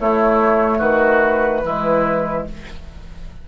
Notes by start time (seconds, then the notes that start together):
0.00 A3 E4 C#5
0.79 D#3 F#4 B4
1.64 E3 G#3 E4